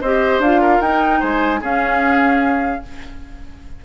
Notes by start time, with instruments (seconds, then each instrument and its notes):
0.00 bassoon C4, clarinet G4, oboe C5, flute D#5
0.39 bassoon D4, clarinet F4, flute F5
0.61 oboe A#4
0.80 bassoon D#4, clarinet D#4, flute G5
1.19 bassoon G#3, oboe C5, flute G#5
1.61 bassoon C#4, clarinet C#4, oboe G#4, flute F5